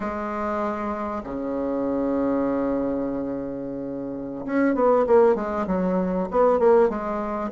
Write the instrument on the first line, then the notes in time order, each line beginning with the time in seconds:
bassoon
0.00 G#3
1.23 C#3
4.45 C#4
4.74 B3
5.06 A#3
5.35 G#3
5.67 F#3
6.30 B3
6.59 A#3
6.89 G#3